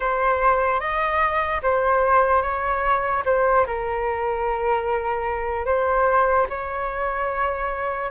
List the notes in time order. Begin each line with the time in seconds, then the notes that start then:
0.00 C5
0.80 D#5
1.62 C5
2.42 C#5
3.25 C5
3.66 A#4
5.65 C5
6.49 C#5